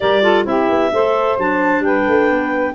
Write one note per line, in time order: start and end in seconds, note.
0.00 0.45 G3
0.00 0.22 G4
0.00 0.22 A#4
0.00 0.45 D5
0.22 0.44 F4
0.22 0.45 A4
0.44 0.68 C4
0.44 0.90 E4
0.44 0.92 G4
0.44 1.38 E5
0.68 0.90 B3
0.92 1.37 A3
0.92 1.39 A4
0.92 1.84 C5
1.37 1.79 F#3
1.37 2.74 D4
1.37 1.83 A5
1.79 2.02 G3
1.79 2.74 B4
1.79 2.74 G5
2.07 2.29 A3
2.29 2.74 B3